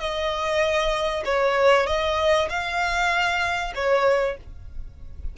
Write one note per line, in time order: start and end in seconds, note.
0.00 1.24 D#5
1.25 1.87 C#5
1.87 2.49 D#5
2.49 3.73 F5
3.75 4.37 C#5